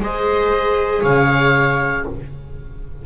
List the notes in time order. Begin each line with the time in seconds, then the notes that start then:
0.00 G#3 G#4 C5 D#5
1.02 C#3 C#5 F5